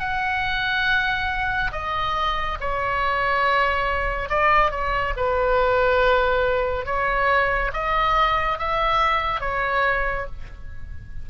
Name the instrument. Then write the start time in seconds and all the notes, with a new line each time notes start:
oboe
0.00 F#5
1.73 D#5
2.61 C#5
4.30 D5
4.71 C#5
5.17 B4
6.86 C#5
7.74 D#5
8.59 E5
9.41 C#5